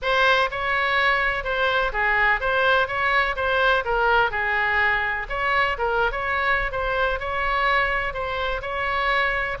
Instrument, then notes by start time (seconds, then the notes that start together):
oboe
0.01 C5
0.50 C#5
1.44 C5
1.92 G#4
2.40 C5
2.87 C#5
3.36 C5
3.84 A#4
4.30 G#4
5.29 C#5
5.78 A#4
6.11 C#5
6.71 C5
7.19 C#5
8.13 C5
8.61 C#5